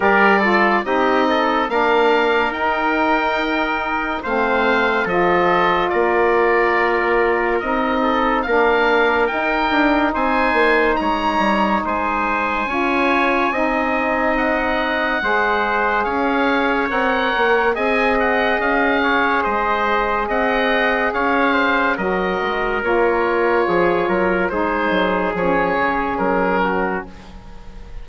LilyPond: <<
  \new Staff \with { instrumentName = "oboe" } { \time 4/4 \tempo 4 = 71 d''4 dis''4 f''4 g''4~ | g''4 f''4 dis''4 d''4~ | d''4 dis''4 f''4 g''4 | gis''4 ais''4 gis''2~ |
gis''4 fis''2 f''4 | fis''4 gis''8 fis''8 f''4 dis''4 | fis''4 f''4 dis''4 cis''4~ | cis''4 c''4 cis''4 ais'4 | }
  \new Staff \with { instrumentName = "trumpet" } { \time 4/4 ais'8 a'8 g'8 a'8 ais'2~ | ais'4 c''4 a'4 ais'4~ | ais'4. a'8 ais'2 | c''4 cis''4 c''4 cis''4 |
dis''2 c''4 cis''4~ | cis''4 dis''4. cis''8 c''4 | dis''4 cis''8 c''8 ais'2 | gis'8 ais'8 gis'2~ gis'8 fis'8 | }
  \new Staff \with { instrumentName = "saxophone" } { \time 4/4 g'8 f'8 dis'4 d'4 dis'4~ | dis'4 c'4 f'2~ | f'4 dis'4 d'4 dis'4~ | dis'2. f'4 |
dis'2 gis'2 | ais'4 gis'2.~ | gis'2 fis'4 f'4~ | f'4 dis'4 cis'2 | }
  \new Staff \with { instrumentName = "bassoon" } { \time 4/4 g4 c'4 ais4 dis'4~ | dis'4 a4 f4 ais4~ | ais4 c'4 ais4 dis'8 d'8 | c'8 ais8 gis8 g8 gis4 cis'4 |
c'2 gis4 cis'4 | c'8 ais8 c'4 cis'4 gis4 | c'4 cis'4 fis8 gis8 ais4 | f8 fis8 gis8 fis8 f8 cis8 fis4 | }
>>